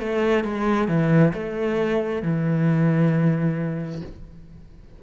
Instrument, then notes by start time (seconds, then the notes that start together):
cello
0.00 A3
0.44 G#3
0.88 E3
1.34 A3
2.23 E3